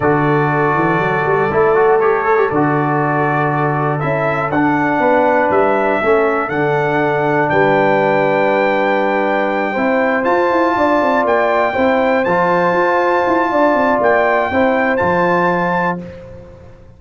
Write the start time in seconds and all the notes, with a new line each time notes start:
0.00 D3 F#4 A4 D5
0.74 E3
0.98 F#3
1.24 G3
1.50 A3 E4
1.74 F#4
1.99 G4 C#5
2.24 A4
2.36 G4
2.50 D3 F#4 D5
3.99 C#4 E4 E5
4.50 D4 F#5
4.99 B3 B4
5.50 G3 E5
6.02 A3 C#4 A4
6.49 D3 D4 F#5
7.49 G3 B4 G5
9.72 C4 E4 C5
10.23 F4 A5
10.50 E4
10.76 D4 D5
11.01 C4
11.24 A#3 G5
11.73 C4 E4 C5
12.24 F3 F4 A5
12.72 F4
13.26 E4
13.51 D4 D5
13.73 C4
14.00 A#3 G5
14.50 C4 E4 C5
14.96 F3 F4 A5